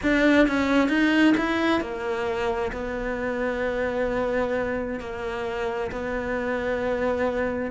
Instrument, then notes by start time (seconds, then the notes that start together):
cello
0.02 D4
0.47 C#4
0.89 D#4
1.37 E4
1.80 A#3
2.72 B3
4.99 A#3
5.91 B3